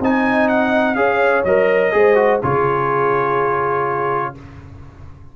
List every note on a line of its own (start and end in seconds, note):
0.00 0.96 C4
0.00 0.96 D#4
0.00 0.98 D#5
0.00 0.48 G#5
0.48 0.95 F#5
0.95 1.44 C#4
0.95 1.44 G#4
0.95 1.94 C#5
0.95 1.43 F5
1.45 1.93 F#3
1.45 1.92 A#4
1.45 2.41 D#5
1.92 2.42 G#3
1.92 2.15 G#4
1.92 2.44 C5
2.15 2.39 F#4
2.43 4.36 C#3
2.43 4.35 F4
2.43 4.37 G#4
2.43 4.35 C#5